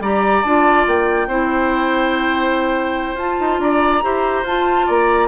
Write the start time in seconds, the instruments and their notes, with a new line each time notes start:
0.00 bassoon G3, clarinet G4, oboe D5, flute A#5
0.43 bassoon D4, clarinet F4, flute A5
0.86 bassoon A#3, flute G5
1.27 bassoon C4, clarinet E4, oboe C5
3.14 bassoon F4, clarinet F4, flute A5
3.40 bassoon D#4
3.59 bassoon D4, oboe D5, flute A#5
4.02 bassoon E4, clarinet G4, oboe C5
4.43 bassoon F4, clarinet F4, flute A5
4.86 bassoon A#3, oboe D5, flute A#5